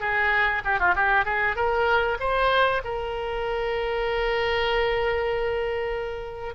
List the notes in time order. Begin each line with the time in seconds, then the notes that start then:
0.00 G#4
0.65 G4
0.79 F4
0.95 G4
1.25 G#4
1.56 A#4
2.20 C5
2.84 A#4